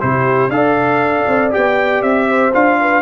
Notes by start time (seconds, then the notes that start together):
0.00 C3 E4 G4 C5
0.49 D4 A4 D5 F5
1.28 C4
1.51 B3 G4 G5
2.02 C4 E5
2.28 C5
2.53 D4 F4 F5
2.81 B4